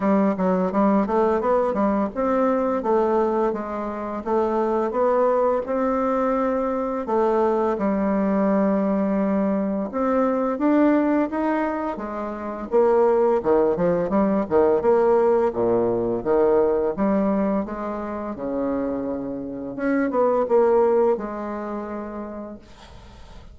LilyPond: \new Staff \with { instrumentName = "bassoon" } { \time 4/4 \tempo 4 = 85 g8 fis8 g8 a8 b8 g8 c'4 | a4 gis4 a4 b4 | c'2 a4 g4~ | g2 c'4 d'4 |
dis'4 gis4 ais4 dis8 f8 | g8 dis8 ais4 ais,4 dis4 | g4 gis4 cis2 | cis'8 b8 ais4 gis2 | }